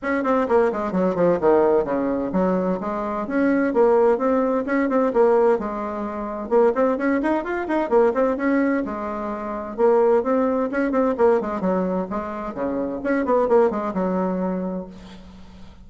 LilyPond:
\new Staff \with { instrumentName = "bassoon" } { \time 4/4 \tempo 4 = 129 cis'8 c'8 ais8 gis8 fis8 f8 dis4 | cis4 fis4 gis4 cis'4 | ais4 c'4 cis'8 c'8 ais4 | gis2 ais8 c'8 cis'8 dis'8 |
f'8 dis'8 ais8 c'8 cis'4 gis4~ | gis4 ais4 c'4 cis'8 c'8 | ais8 gis8 fis4 gis4 cis4 | cis'8 b8 ais8 gis8 fis2 | }